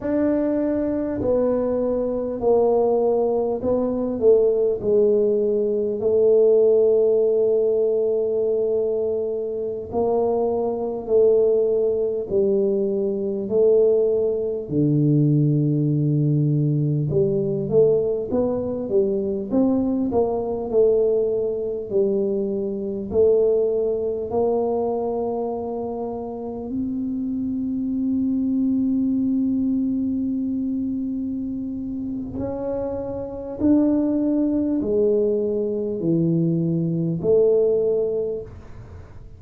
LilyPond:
\new Staff \with { instrumentName = "tuba" } { \time 4/4 \tempo 4 = 50 d'4 b4 ais4 b8 a8 | gis4 a2.~ | a16 ais4 a4 g4 a8.~ | a16 d2 g8 a8 b8 g16~ |
g16 c'8 ais8 a4 g4 a8.~ | a16 ais2 c'4.~ c'16~ | c'2. cis'4 | d'4 gis4 e4 a4 | }